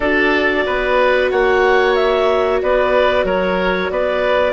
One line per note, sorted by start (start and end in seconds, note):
0.00 0.65 D4
0.00 4.52 F#4
0.00 0.64 A4
0.00 1.30 D5
0.65 1.31 B3
0.65 1.31 B4
1.30 2.62 A#3
1.30 2.61 C#5
1.30 1.94 F#5
1.94 2.60 E5
2.62 3.24 B3
2.62 3.25 B4
2.62 3.25 D5
3.24 3.89 F#3
3.24 3.90 A#4
3.24 3.90 C#5
3.90 4.52 B3
3.90 4.52 B4
3.90 4.52 D5